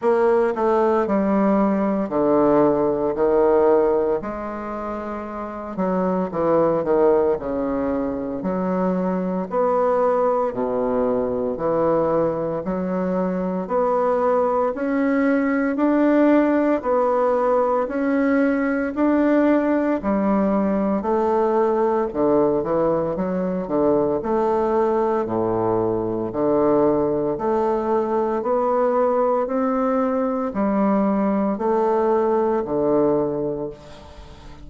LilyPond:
\new Staff \with { instrumentName = "bassoon" } { \time 4/4 \tempo 4 = 57 ais8 a8 g4 d4 dis4 | gis4. fis8 e8 dis8 cis4 | fis4 b4 b,4 e4 | fis4 b4 cis'4 d'4 |
b4 cis'4 d'4 g4 | a4 d8 e8 fis8 d8 a4 | a,4 d4 a4 b4 | c'4 g4 a4 d4 | }